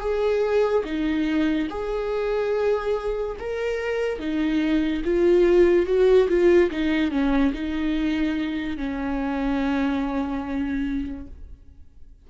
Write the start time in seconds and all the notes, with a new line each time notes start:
0.00 G#4
0.84 D#4
1.70 G#4
3.39 A#4
4.19 D#4
5.05 F4
5.86 F#4
6.28 F4
6.70 D#4
7.11 C#4
7.53 D#4
8.77 C#4